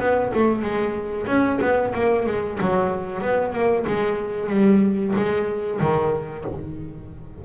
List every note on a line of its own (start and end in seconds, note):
0.00 0.32 B3
0.34 0.62 A3
0.62 1.26 G#3
1.27 1.59 C#4
1.61 1.94 B3
1.94 2.26 A#3
2.26 2.59 G#3
2.61 3.22 F#3
3.22 3.53 B3
3.53 3.86 A#3
3.87 4.50 G#3
4.50 5.14 G3
5.16 5.80 G#3
5.81 6.45 D#3